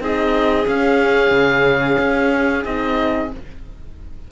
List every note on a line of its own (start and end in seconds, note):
0.00 0.66 C4
0.00 0.66 D#4
0.00 3.32 G#4
0.00 0.68 D#5
0.66 2.64 C#4
0.66 1.31 C#4
0.66 2.65 F5
1.31 1.97 C#3
1.99 2.65 C#4
2.65 3.31 C4
2.65 3.31 D#4
2.65 3.31 D#5